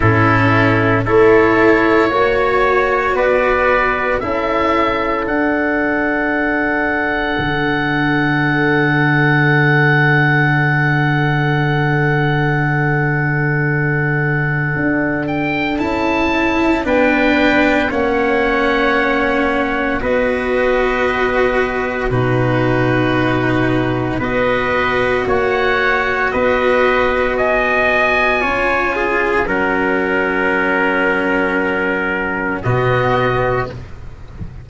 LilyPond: <<
  \new Staff \with { instrumentName = "oboe" } { \time 4/4 \tempo 4 = 57 a'4 cis''2 d''4 | e''4 fis''2.~ | fis''1~ | fis''2~ fis''8 g''8 a''4 |
g''4 fis''2 dis''4~ | dis''4 b'2 dis''4 | fis''4 dis''4 gis''2 | fis''2. dis''4 | }
  \new Staff \with { instrumentName = "trumpet" } { \time 4/4 e'4 a'4 cis''4 b'4 | a'1~ | a'1~ | a'1 |
b'4 cis''2 b'4~ | b'4 fis'2 b'4 | cis''4 b'4 dis''4 cis''8 gis'8 | ais'2. fis'4 | }
  \new Staff \with { instrumentName = "cello" } { \time 4/4 cis'4 e'4 fis'2 | e'4 d'2.~ | d'1~ | d'2. e'4 |
d'4 cis'2 fis'4~ | fis'4 dis'2 fis'4~ | fis'2. f'4 | cis'2. b4 | }
  \new Staff \with { instrumentName = "tuba" } { \time 4/4 a,4 a4 ais4 b4 | cis'4 d'2 d4~ | d1~ | d2 d'4 cis'4 |
b4 ais2 b4~ | b4 b,2 b4 | ais4 b2 cis'4 | fis2. b,4 | }
>>